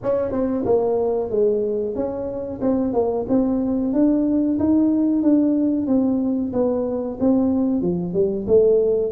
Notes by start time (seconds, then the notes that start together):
0.02 C#4
0.31 C4
0.65 A#3
1.30 G#3
1.95 C#4
2.61 C4
2.93 A#3
3.28 C4
3.93 D4
4.59 D#4
5.22 D4
5.86 C4
6.52 B3
7.19 C4
7.81 F3
8.13 G3
8.47 A3